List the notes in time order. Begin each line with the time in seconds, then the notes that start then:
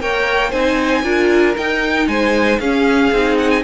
0.00 A#3 A#4 C#5 G5
0.50 C4 D#4 C5 G#5
1.03 D4 F4 A#4
1.57 D#4 G5
2.07 G#3 C5 G#5
2.60 C#4 G#4 F5
3.12 C4 D#4
3.38 F#5
3.50 G#5